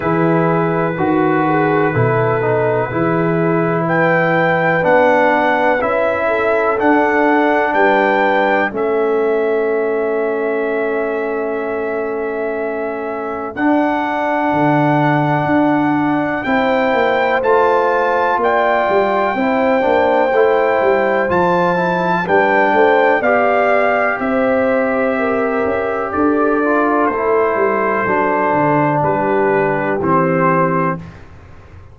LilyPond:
<<
  \new Staff \with { instrumentName = "trumpet" } { \time 4/4 \tempo 4 = 62 b'1 | g''4 fis''4 e''4 fis''4 | g''4 e''2.~ | e''2 fis''2~ |
fis''4 g''4 a''4 g''4~ | g''2 a''4 g''4 | f''4 e''2 d''4 | c''2 b'4 c''4 | }
  \new Staff \with { instrumentName = "horn" } { \time 4/4 gis'4 fis'8 gis'8 a'4 gis'4 | b'2~ b'8 a'4. | b'4 a'2.~ | a'1~ |
a'4 c''2 d''4 | c''2. b'8 c''8 | d''4 c''4 ais'4 a'4~ | a'2 g'2 | }
  \new Staff \with { instrumentName = "trombone" } { \time 4/4 e'4 fis'4 e'8 dis'8 e'4~ | e'4 d'4 e'4 d'4~ | d'4 cis'2.~ | cis'2 d'2~ |
d'4 e'4 f'2 | e'8 d'8 e'4 f'8 e'8 d'4 | g'2.~ g'8 f'8 | e'4 d'2 c'4 | }
  \new Staff \with { instrumentName = "tuba" } { \time 4/4 e4 dis4 b,4 e4~ | e4 b4 cis'4 d'4 | g4 a2.~ | a2 d'4 d4 |
d'4 c'8 ais8 a4 ais8 g8 | c'8 ais8 a8 g8 f4 g8 a8 | b4 c'4. cis'8 d'4 | a8 g8 fis8 d8 g4 e4 | }
>>